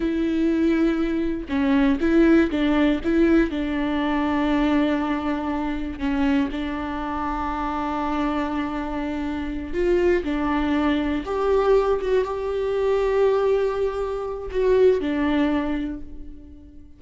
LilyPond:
\new Staff \with { instrumentName = "viola" } { \time 4/4 \tempo 4 = 120 e'2. cis'4 | e'4 d'4 e'4 d'4~ | d'1 | cis'4 d'2.~ |
d'2.~ d'8 f'8~ | f'8 d'2 g'4. | fis'8 g'2.~ g'8~ | g'4 fis'4 d'2 | }